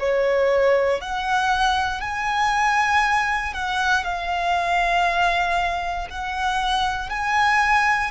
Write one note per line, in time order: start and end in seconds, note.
0.00 1.01 C#5
1.01 2.02 F#5
2.02 3.54 G#5
3.54 4.04 F#5
4.04 6.08 F5
6.11 7.10 F#5
7.10 8.12 G#5